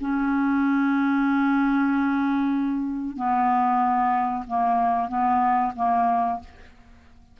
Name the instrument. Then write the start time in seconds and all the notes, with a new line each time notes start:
clarinet
0.00 C#4
3.16 B3
4.47 A#3
5.08 B3
5.75 A#3